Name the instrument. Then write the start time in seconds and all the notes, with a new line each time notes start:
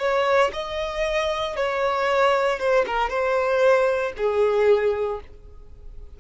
violin
0.00 C#5
0.53 D#5
1.57 C#5
2.60 C5
2.87 A#4
3.10 C5
4.17 G#4